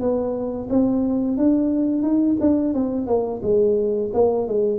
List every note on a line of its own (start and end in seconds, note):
0.00 0.68 B3
0.70 1.37 C4
1.37 2.03 D4
2.03 2.37 D#4
2.41 2.74 D4
2.74 3.07 C4
3.07 3.41 A#3
3.43 4.11 G#3
4.14 4.48 A#3
4.48 4.79 G#3